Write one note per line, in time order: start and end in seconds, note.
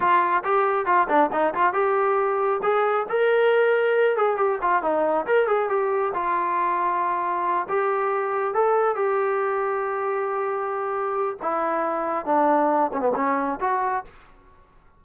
0.00 0.43 F4
0.44 0.85 G4
0.85 1.07 F4
1.08 1.30 D4
1.32 1.54 D#4
1.54 1.73 F4
1.73 2.60 G4
2.62 3.06 G#4
3.09 4.16 A#4
4.16 4.36 G#4
4.36 4.58 G4
4.61 4.82 F4
4.82 5.26 D#4
5.26 5.47 A#4
5.47 5.69 G#4
5.69 6.13 G4
6.14 7.67 F4
7.69 8.54 G4
8.54 8.95 A4
8.95 11.36 G4
11.42 12.25 E4
12.25 12.91 D4
12.93 13.00 C#4
13.00 13.11 B3
13.15 13.59 C#4
13.60 14.04 F#4